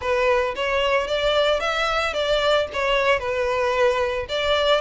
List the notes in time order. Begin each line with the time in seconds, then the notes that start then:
0.01 B4
0.55 C#5
1.07 D5
1.60 E5
2.13 D5
2.73 C#5
3.19 B4
4.28 D5